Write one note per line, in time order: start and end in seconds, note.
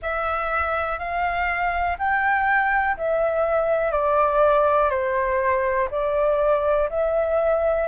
0.01 0.98 E5
0.98 1.97 F5
1.98 2.96 G5
2.97 3.91 E5
3.91 4.90 D5
4.90 5.88 C5
5.91 6.89 D5
6.89 7.87 E5